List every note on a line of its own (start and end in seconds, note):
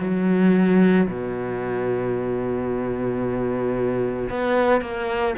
0.00 1.07 F#3
1.08 4.29 B2
4.30 4.81 B3
4.81 5.34 A#3